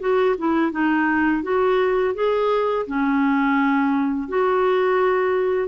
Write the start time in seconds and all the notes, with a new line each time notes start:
0.00 F#4
0.38 E4
0.71 D#4
1.43 F#4
2.14 G#4
2.87 C#4
4.29 F#4